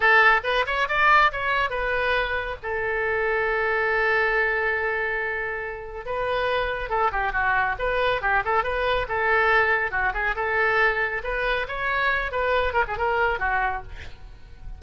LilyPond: \new Staff \with { instrumentName = "oboe" } { \time 4/4 \tempo 4 = 139 a'4 b'8 cis''8 d''4 cis''4 | b'2 a'2~ | a'1~ | a'2 b'2 |
a'8 g'8 fis'4 b'4 g'8 a'8 | b'4 a'2 fis'8 gis'8 | a'2 b'4 cis''4~ | cis''8 b'4 ais'16 gis'16 ais'4 fis'4 | }